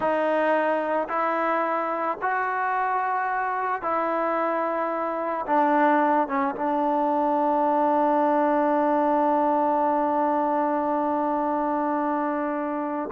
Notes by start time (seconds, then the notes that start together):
0.00 D#4
1.08 E4
2.21 F#4
3.82 E4
5.46 D4
6.27 C#4
6.55 D4